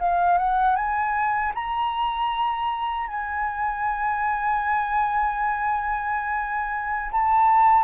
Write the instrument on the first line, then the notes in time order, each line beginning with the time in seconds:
flute
0.00 F5
0.38 F#5
0.76 G#5
1.55 A#5
3.08 G#5
7.12 A5